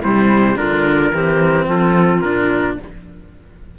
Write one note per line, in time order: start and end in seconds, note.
0.00 0.58 C3
0.00 0.56 G3
0.00 0.55 E4
0.00 0.57 C5
0.56 1.12 D3
0.56 1.11 D4
0.56 1.12 F4
0.56 1.67 A#4
1.12 1.67 E3
1.12 2.23 C4
1.12 1.66 G4
1.66 2.21 F3
1.66 2.76 F4
1.66 2.21 A4
2.21 2.76 A#2
2.21 2.78 D4
2.21 2.76 A#4